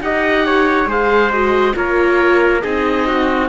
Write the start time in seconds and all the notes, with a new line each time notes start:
0.00 D#4 G4 D#5 F#5
0.45 C#5
0.86 G#3 G#4 C5 F5
1.32 F#4 D#5
1.74 A#3 F4 A#4 C#5
2.61 C4 D#4 G#4 D#5
3.07 F#4